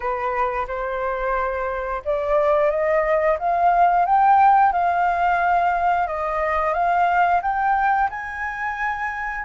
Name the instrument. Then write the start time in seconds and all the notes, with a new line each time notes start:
flute
0.00 B4
0.67 C5
2.04 D5
2.70 D#5
3.39 F5
4.05 G5
4.72 F5
6.07 D#5
6.73 F5
7.42 G5
8.10 G#5